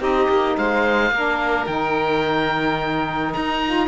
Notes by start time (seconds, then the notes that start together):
0.00 C4 D#4 G4 D#5
0.29 A#3
0.57 G#3 C5 F5
1.11 A#3 D4 A#4
1.67 D#3 D#4 G5
3.34 D#4 A#5
3.66 F4